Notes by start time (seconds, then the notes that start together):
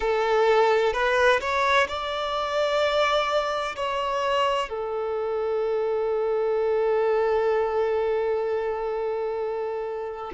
0.00 A4
0.93 B4
1.40 C#5
1.87 D5
3.75 C#5
4.69 A4